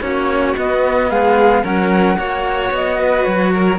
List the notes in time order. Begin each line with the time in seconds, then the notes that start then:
0.00 A#3 C#4 F#4 C#5
0.56 B3 D#5
1.10 G#3 G#4 F5
1.63 F#3 C#4 A#4 F#5
2.16 A#3 F#4 C#5
2.70 B3 D#5
2.99 B4
3.23 F#3 C#5
3.53 A#4